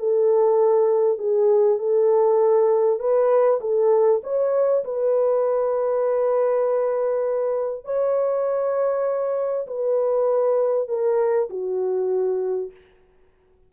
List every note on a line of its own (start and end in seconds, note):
0.00 1.18 A4
1.18 1.79 G#4
1.79 3.00 A4
3.00 3.60 B4
3.61 4.21 A4
4.24 4.84 C#5
4.85 7.85 B4
7.85 9.67 C#5
9.67 10.88 B4
10.89 11.49 A#4
11.50 12.71 F#4